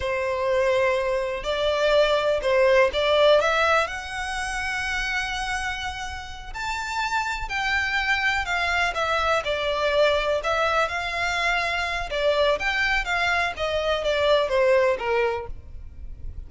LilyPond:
\new Staff \with { instrumentName = "violin" } { \time 4/4 \tempo 4 = 124 c''2. d''4~ | d''4 c''4 d''4 e''4 | fis''1~ | fis''4. a''2 g''8~ |
g''4. f''4 e''4 d''8~ | d''4. e''4 f''4.~ | f''4 d''4 g''4 f''4 | dis''4 d''4 c''4 ais'4 | }